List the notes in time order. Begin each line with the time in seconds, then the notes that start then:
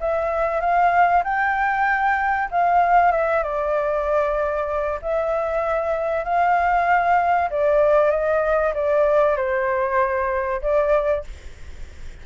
0.00 E5
0.61 F5
1.24 G5
2.51 F5
3.12 E5
3.43 D5
5.02 E5
6.24 F5
7.50 D5
8.11 D#5
8.74 D5
9.36 C5
10.62 D5